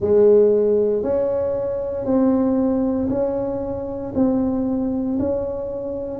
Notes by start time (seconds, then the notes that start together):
0.00 G#3
1.03 C#4
2.05 C4
3.09 C#4
4.14 C4
5.19 C#4